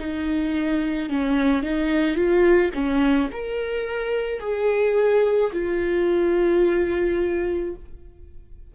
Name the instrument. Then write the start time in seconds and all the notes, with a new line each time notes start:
viola
0.00 D#4
1.10 C#4
1.63 D#4
2.16 F4
2.74 C#4
3.32 A#4
4.40 G#4
5.53 F4